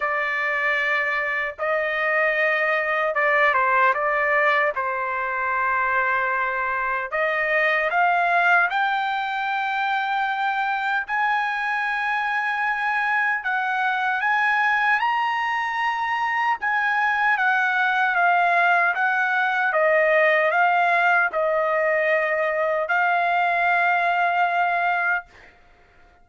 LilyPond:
\new Staff \with { instrumentName = "trumpet" } { \time 4/4 \tempo 4 = 76 d''2 dis''2 | d''8 c''8 d''4 c''2~ | c''4 dis''4 f''4 g''4~ | g''2 gis''2~ |
gis''4 fis''4 gis''4 ais''4~ | ais''4 gis''4 fis''4 f''4 | fis''4 dis''4 f''4 dis''4~ | dis''4 f''2. | }